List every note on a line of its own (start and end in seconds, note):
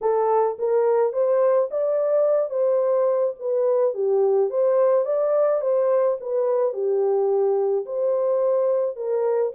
0.01 0.57 A4
0.58 1.12 A#4
1.12 1.68 C5
1.71 2.50 D5
2.50 3.34 C5
3.39 3.94 B4
3.94 4.49 G4
4.49 5.05 C5
5.05 5.61 D5
5.61 6.17 C5
6.20 6.73 B4
6.73 7.85 G4
7.85 8.96 C5
8.96 9.52 A#4